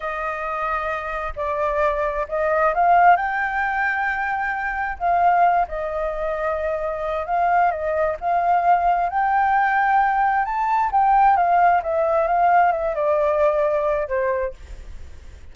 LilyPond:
\new Staff \with { instrumentName = "flute" } { \time 4/4 \tempo 4 = 132 dis''2. d''4~ | d''4 dis''4 f''4 g''4~ | g''2. f''4~ | f''8 dis''2.~ dis''8 |
f''4 dis''4 f''2 | g''2. a''4 | g''4 f''4 e''4 f''4 | e''8 d''2~ d''8 c''4 | }